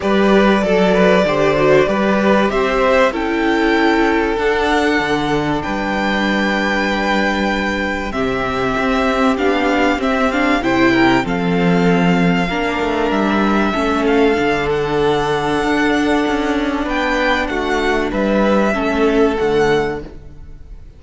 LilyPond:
<<
  \new Staff \with { instrumentName = "violin" } { \time 4/4 \tempo 4 = 96 d''1 | e''4 g''2 fis''4~ | fis''4 g''2.~ | g''4 e''2 f''4 |
e''8 f''8 g''4 f''2~ | f''4 e''4. f''4 fis''8~ | fis''2. g''4 | fis''4 e''2 fis''4 | }
  \new Staff \with { instrumentName = "violin" } { \time 4/4 b'4 a'8 b'8 c''4 b'4 | c''4 a'2.~ | a'4 b'2.~ | b'4 g'2.~ |
g'4 c''8 ais'8 a'2 | ais'2 a'2~ | a'2. b'4 | fis'4 b'4 a'2 | }
  \new Staff \with { instrumentName = "viola" } { \time 4/4 g'4 a'4 g'8 fis'8 g'4~ | g'4 e'2 d'4~ | d'1~ | d'4 c'2 d'4 |
c'8 d'8 e'4 c'2 | d'2 cis'4 d'4~ | d'1~ | d'2 cis'4 a4 | }
  \new Staff \with { instrumentName = "cello" } { \time 4/4 g4 fis4 d4 g4 | c'4 cis'2 d'4 | d4 g2.~ | g4 c4 c'4 b4 |
c'4 c4 f2 | ais8 a8 g4 a4 d4~ | d4 d'4 cis'4 b4 | a4 g4 a4 d4 | }
>>